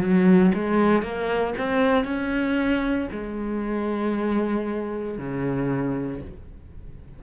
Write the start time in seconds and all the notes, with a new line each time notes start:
0.00 F#3
0.54 G#3
1.03 A#3
1.58 C4
2.05 C#4
3.12 G#3
5.18 C#3